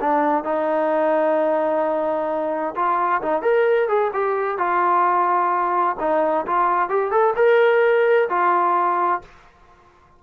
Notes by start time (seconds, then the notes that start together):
0.00 D4
0.44 D#4
2.75 F4
3.22 D#4
3.42 A#4
3.88 G#4
4.13 G4
4.58 F4
5.99 D#4
6.46 F4
6.89 G4
7.11 A4
7.36 A#4
8.29 F4